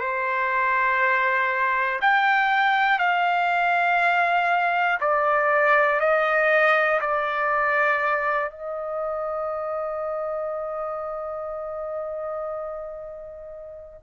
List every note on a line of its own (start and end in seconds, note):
0.00 2.00 C5
2.00 2.98 G5
2.98 4.98 F5
5.00 6.00 D5
6.00 7.00 D#5
7.00 8.50 D5
8.50 14.00 D#5